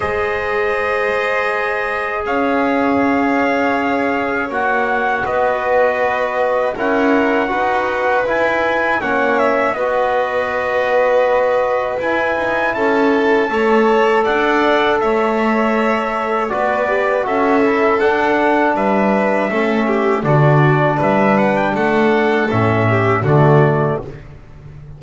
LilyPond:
<<
  \new Staff \with { instrumentName = "trumpet" } { \time 4/4 \tempo 4 = 80 dis''2. f''4~ | f''2 fis''4 dis''4~ | dis''4 fis''2 gis''4 | fis''8 e''8 dis''2. |
gis''4 a''2 fis''4 | e''2 d''4 e''4 | fis''4 e''2 d''4 | e''8 fis''16 g''16 fis''4 e''4 d''4 | }
  \new Staff \with { instrumentName = "violin" } { \time 4/4 c''2. cis''4~ | cis''2. b'4~ | b'4 ais'4 b'2 | cis''4 b'2.~ |
b'4 a'4 cis''4 d''4 | cis''2 b'4 a'4~ | a'4 b'4 a'8 g'8 fis'4 | b'4 a'4. g'8 fis'4 | }
  \new Staff \with { instrumentName = "trombone" } { \time 4/4 gis'1~ | gis'2 fis'2~ | fis'4 e'4 fis'4 e'4 | cis'4 fis'2. |
e'2 a'2~ | a'2 fis'8 g'8 fis'8 e'8 | d'2 cis'4 d'4~ | d'2 cis'4 a4 | }
  \new Staff \with { instrumentName = "double bass" } { \time 4/4 gis2. cis'4~ | cis'2 ais4 b4~ | b4 cis'4 dis'4 e'4 | ais4 b2. |
e'8 dis'8 cis'4 a4 d'4 | a2 b4 cis'4 | d'4 g4 a4 d4 | g4 a4 a,4 d4 | }
>>